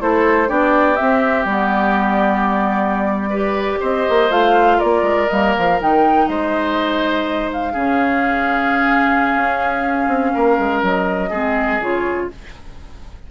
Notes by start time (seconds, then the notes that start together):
0.00 A3 E4 A4 C5
0.48 B3 D4 G4 D5
0.96 C4 E5
1.45 G3 B3 D5
3.30 G4 B4
3.80 C4 C5 D#5
4.10 A#3
4.30 A3 F4 F5
4.78 A#3 A#4 D5
5.02 G#3
5.29 G3 A#3 D#5
5.56 F3 F5
5.81 D#3 D#4 G5
6.28 G#3 C5 D#5
7.53 F5
7.73 C#3 C#4 G#4
9.35 C#4
10.07 C4
10.34 A#3 A#4
10.59 G#3
10.83 F#3 D#5
11.30 G#3 C4 G#4
11.80 C#3 F4 C#5